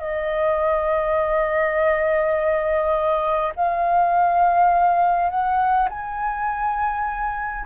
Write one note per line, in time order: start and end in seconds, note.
0.00 3.53 D#5
3.56 5.30 F5
5.30 5.89 F#5
5.89 7.66 G#5